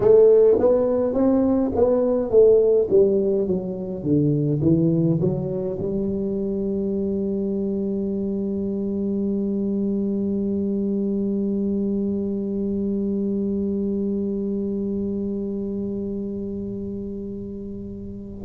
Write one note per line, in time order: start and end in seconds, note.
0.00 0.57 A3
0.59 1.13 B3
1.13 1.71 C4
1.75 2.30 B3
2.30 2.87 A3
2.90 3.47 G3
3.47 4.03 F#3
4.03 4.60 D3
4.62 5.19 E3
5.20 5.77 F#3
5.79 18.44 G3